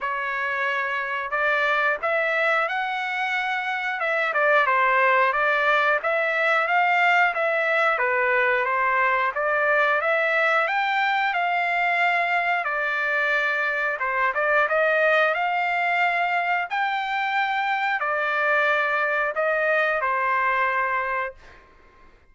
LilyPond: \new Staff \with { instrumentName = "trumpet" } { \time 4/4 \tempo 4 = 90 cis''2 d''4 e''4 | fis''2 e''8 d''8 c''4 | d''4 e''4 f''4 e''4 | b'4 c''4 d''4 e''4 |
g''4 f''2 d''4~ | d''4 c''8 d''8 dis''4 f''4~ | f''4 g''2 d''4~ | d''4 dis''4 c''2 | }